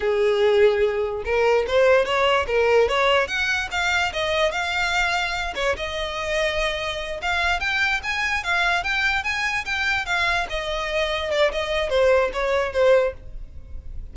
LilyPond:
\new Staff \with { instrumentName = "violin" } { \time 4/4 \tempo 4 = 146 gis'2. ais'4 | c''4 cis''4 ais'4 cis''4 | fis''4 f''4 dis''4 f''4~ | f''4. cis''8 dis''2~ |
dis''4. f''4 g''4 gis''8~ | gis''8 f''4 g''4 gis''4 g''8~ | g''8 f''4 dis''2 d''8 | dis''4 c''4 cis''4 c''4 | }